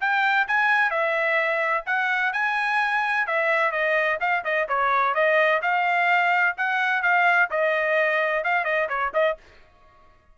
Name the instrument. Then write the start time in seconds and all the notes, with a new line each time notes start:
trumpet
0.00 G5
0.47 G#5
0.90 E5
1.86 F#5
2.33 G#5
3.26 E5
3.71 D#5
4.20 F5
4.44 D#5
4.68 C#5
5.14 D#5
5.62 F5
6.57 F#5
7.02 F5
7.50 D#5
8.44 F5
8.64 D#5
8.88 C#5
9.13 D#5